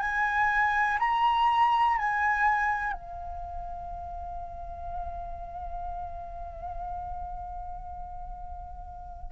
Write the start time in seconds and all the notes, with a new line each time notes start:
0.00 G#5
0.99 A#5
1.98 G#5
2.93 F5